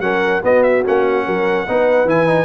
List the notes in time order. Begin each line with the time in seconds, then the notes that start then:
0.00 F#3 C#4 A#4 F#5
0.43 B3 F#4 D#5
0.63 E5
0.85 A#3 C#4 F#5
1.25 F#3 A#4
1.68 B3 D#4 B4
2.05 E3 E4 G#5
2.27 D#4